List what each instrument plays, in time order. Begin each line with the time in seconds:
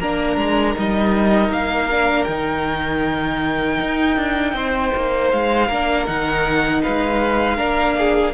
0.00 cello A#3, viola D4, violin A#4 A#5
0.37 cello G#3
0.76 cello G3, viola D#4, violin D#5
1.49 cello A#3, violin F5
1.91 viola D4
2.25 cello D#3, viola D#4, violin G5
3.81 cello D#4
4.17 cello D4
4.54 cello C4, violin C5
4.96 cello A#3
5.32 cello G#3, violin F5
5.68 cello A#3, viola D4, violin A#4
6.07 cello D#3, viola D#4, violin F#5
6.83 cello G#3, violin B4 F5
7.57 cello A#3, viola D4, violin A#4
7.98 violin G#4